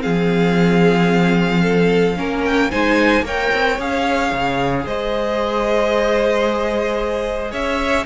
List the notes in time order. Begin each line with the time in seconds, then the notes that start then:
0.00 F3 C4 G#4 F5
1.62 A4
2.16 A#3 C#4 A#4
2.45 G5
2.70 G#3 D#4 C5 G#5
3.21 A#3 A#4 C#5 G5
3.53 C4
3.78 C#4 G#4 F5
4.32 C#3
4.85 G#3 C5 D#5
7.51 C#4 C#5 E5